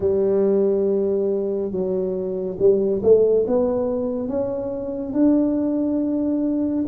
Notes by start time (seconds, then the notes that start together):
0.00 G3
1.71 F#3
2.59 G3
3.02 A3
3.47 B3
4.28 C#4
5.13 D4